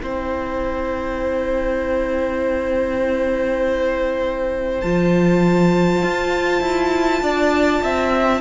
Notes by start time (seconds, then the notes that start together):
0.00 C4 E4 C5 G5
4.82 F3 F4 A5
6.03 F4
6.62 E4
7.23 D4 D5
7.83 C4 E5